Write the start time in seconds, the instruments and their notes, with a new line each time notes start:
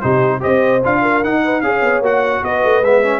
0.00 tuba C3, trombone D#4, horn G4, trumpet C5
0.40 tuba C4, trombone G4, horn C5, trumpet D#5
0.84 tuba D4, trombone F4, trumpet F5
1.02 horn A#4
1.24 tuba D#4, trombone D#4, trumpet F#5
1.44 horn B4
1.61 tuba C#4, trombone G#4, trumpet F5
1.67 horn C#5
1.81 tuba B3
2.00 tuba A#3, trombone F#4, trumpet F#5
2.42 tuba B3, horn B4, trumpet D#5
2.64 tuba A3
2.81 tuba G#3, trombone B3, trumpet E5
3.03 trombone C#4